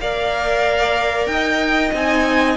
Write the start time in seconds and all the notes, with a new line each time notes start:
0.00 A#3 A#4 D5 F5
1.27 D#4 D#5 G5
1.92 C4 D#4 G#5